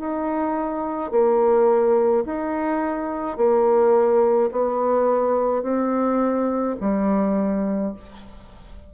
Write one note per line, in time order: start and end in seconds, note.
0.00 1.11 D#4
1.11 2.24 A#3
2.26 3.38 D#4
3.38 4.51 A#3
4.52 5.63 B3
5.63 6.76 C4
6.81 7.94 G3